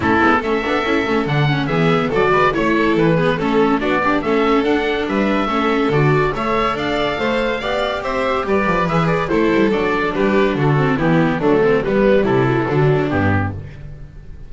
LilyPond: <<
  \new Staff \with { instrumentName = "oboe" } { \time 4/4 \tempo 4 = 142 a'4 e''2 fis''4 | e''4 d''4 cis''4 b'4 | a'4 d''4 e''4 fis''4 | e''2 d''4 e''4 |
f''2. e''4 | d''4 e''8 d''8 c''4 d''4 | b'4 a'4 g'4 a'4 | b'4 a'2 g'4 | }
  \new Staff \with { instrumentName = "violin" } { \time 4/4 e'4 a'2. | gis'4 a'8 b'8 cis''8 a'4 gis'8 | a'4 fis'8 d'8 a'2 | b'4 a'2 cis''4 |
d''4 c''4 d''4 c''4 | b'2 a'2 | g'4 fis'4 e'4 d'8 c'8 | b4 e'4 d'2 | }
  \new Staff \with { instrumentName = "viola" } { \time 4/4 cis'8 b8 cis'8 d'8 e'8 cis'8 d'8 cis'8 | b4 fis'4 e'4. b8 | cis'4 d'8 g'8 cis'4 d'4~ | d'4 cis'4 fis'4 a'4~ |
a'2 g'2~ | g'4 gis'4 e'4 d'4~ | d'4. c'8 b4 a4 | g4. fis16 e16 fis4 b4 | }
  \new Staff \with { instrumentName = "double bass" } { \time 4/4 a8 gis8 a8 b8 cis'8 a8 d4 | e4 fis8 gis8 a4 e4 | a4 b4 a4 d'4 | g4 a4 d4 a4 |
d'4 a4 b4 c'4 | g8 f8 e4 a8 g8 fis4 | g4 d4 e4 fis4 | g4 c4 d4 g,4 | }
>>